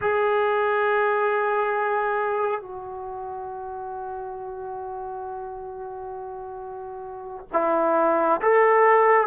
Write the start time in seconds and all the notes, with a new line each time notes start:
0.01 G#4
2.60 F#4
7.52 E4
8.41 A4